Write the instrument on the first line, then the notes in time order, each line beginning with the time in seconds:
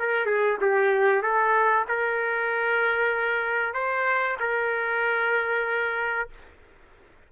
trumpet
0.00 A#4
0.26 G#4
0.61 G4
1.23 A4
1.89 A#4
3.74 C5
4.40 A#4